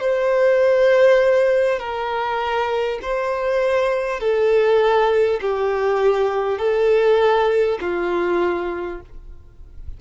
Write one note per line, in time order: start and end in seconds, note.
0.00 1.79 C5
1.79 2.99 A#4
3.02 4.20 C5
4.20 5.40 A4
5.41 6.58 G4
6.58 7.78 A4
7.80 9.00 F4